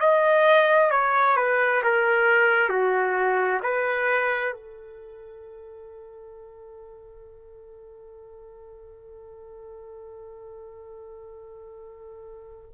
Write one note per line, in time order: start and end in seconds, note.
0.00 0.91 D#5
0.91 1.36 C#5
1.36 1.82 B4
1.83 2.69 A#4
2.69 3.60 F#4
3.63 4.53 B4
4.53 12.71 A4